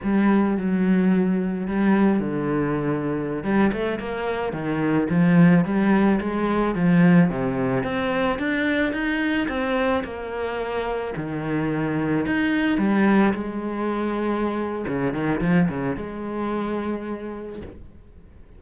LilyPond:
\new Staff \with { instrumentName = "cello" } { \time 4/4 \tempo 4 = 109 g4 fis2 g4 | d2~ d16 g8 a8 ais8.~ | ais16 dis4 f4 g4 gis8.~ | gis16 f4 c4 c'4 d'8.~ |
d'16 dis'4 c'4 ais4.~ ais16~ | ais16 dis2 dis'4 g8.~ | g16 gis2~ gis8. cis8 dis8 | f8 cis8 gis2. | }